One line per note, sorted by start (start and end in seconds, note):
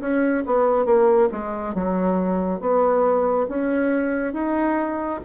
0.00 0.43 C#4
0.46 0.85 B3
0.85 1.28 A#3
1.31 1.74 G#3
1.74 2.60 F#3
2.60 3.47 B3
3.48 4.33 C#4
4.33 5.20 D#4